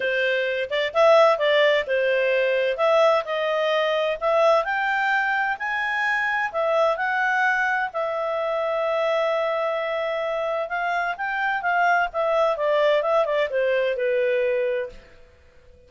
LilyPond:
\new Staff \with { instrumentName = "clarinet" } { \time 4/4 \tempo 4 = 129 c''4. d''8 e''4 d''4 | c''2 e''4 dis''4~ | dis''4 e''4 g''2 | gis''2 e''4 fis''4~ |
fis''4 e''2.~ | e''2. f''4 | g''4 f''4 e''4 d''4 | e''8 d''8 c''4 b'2 | }